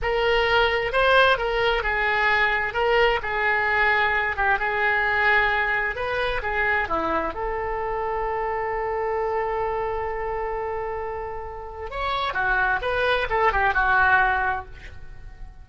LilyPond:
\new Staff \with { instrumentName = "oboe" } { \time 4/4 \tempo 4 = 131 ais'2 c''4 ais'4 | gis'2 ais'4 gis'4~ | gis'4. g'8 gis'2~ | gis'4 b'4 gis'4 e'4 |
a'1~ | a'1~ | a'2 cis''4 fis'4 | b'4 a'8 g'8 fis'2 | }